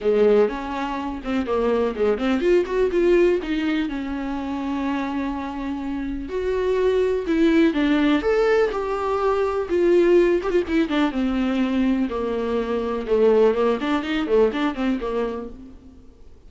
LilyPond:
\new Staff \with { instrumentName = "viola" } { \time 4/4 \tempo 4 = 124 gis4 cis'4. c'8 ais4 | gis8 c'8 f'8 fis'8 f'4 dis'4 | cis'1~ | cis'4 fis'2 e'4 |
d'4 a'4 g'2 | f'4. g'16 f'16 e'8 d'8 c'4~ | c'4 ais2 a4 | ais8 d'8 dis'8 a8 d'8 c'8 ais4 | }